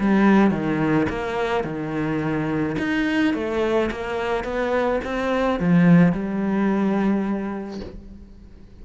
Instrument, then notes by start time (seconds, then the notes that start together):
cello
0.00 G3
0.51 D#3
1.10 A#3
1.65 D#3
2.79 D#4
3.35 A3
3.92 A#3
4.44 B3
5.05 C4
5.60 F3
6.13 G3